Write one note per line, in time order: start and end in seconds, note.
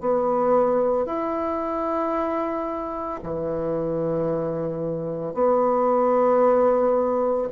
0.00 1.06 B3
1.06 3.20 E4
3.23 5.34 E3
5.34 7.48 B3